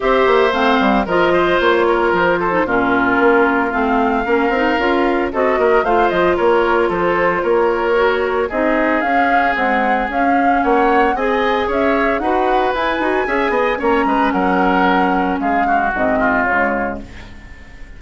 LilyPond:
<<
  \new Staff \with { instrumentName = "flute" } { \time 4/4 \tempo 4 = 113 e''4 f''4 dis''4 cis''4 | c''4 ais'2 f''4~ | f''2 dis''4 f''8 dis''8 | cis''4 c''4 cis''2 |
dis''4 f''4 fis''4 f''4 | fis''4 gis''4 e''4 fis''4 | gis''2 ais''4 fis''4~ | fis''4 f''4 dis''4 cis''4 | }
  \new Staff \with { instrumentName = "oboe" } { \time 4/4 c''2 ais'8 c''4 ais'8~ | ais'8 a'8 f'2. | ais'2 a'8 ais'8 c''4 | ais'4 a'4 ais'2 |
gis'1 | cis''4 dis''4 cis''4 b'4~ | b'4 e''8 dis''8 cis''8 b'8 ais'4~ | ais'4 gis'8 fis'4 f'4. | }
  \new Staff \with { instrumentName = "clarinet" } { \time 4/4 g'4 c'4 f'2~ | f'8. dis'16 cis'2 c'4 | cis'8 dis'8 f'4 fis'4 f'4~ | f'2. fis'4 |
dis'4 cis'4 gis4 cis'4~ | cis'4 gis'2 fis'4 | e'8 fis'8 gis'4 cis'2~ | cis'2 c'4 gis4 | }
  \new Staff \with { instrumentName = "bassoon" } { \time 4/4 c'8 ais8 a8 g8 f4 ais4 | f4 ais,4 ais4 a4 | ais8 c'8 cis'4 c'8 ais8 a8 f8 | ais4 f4 ais2 |
c'4 cis'4 c'4 cis'4 | ais4 c'4 cis'4 dis'4 | e'8 dis'8 cis'8 b8 ais8 gis8 fis4~ | fis4 gis4 gis,4 cis4 | }
>>